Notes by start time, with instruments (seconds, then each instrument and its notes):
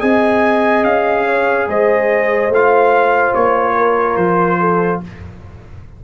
0.00 tuba C4, trombone G#4, horn D#5, trumpet G#5
0.84 tuba C#4, trumpet F5
1.26 horn C#5
1.68 tuba G#3, horn C5, trumpet D#5
2.49 tuba A3, trombone F4, trumpet F5
3.35 tuba A#3, trumpet C#5
3.77 horn A#4
4.17 tuba F3, trumpet C5
4.60 horn A4